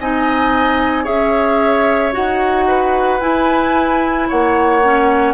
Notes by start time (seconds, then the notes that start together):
0.00 C4 D#4 D#5 G#5
1.03 C#4 G#4 C#5 E5
2.12 D#4 F#4 F#5
2.67 B4
3.20 E4 G#5
4.28 A#3 C#5 F#5
4.83 C#4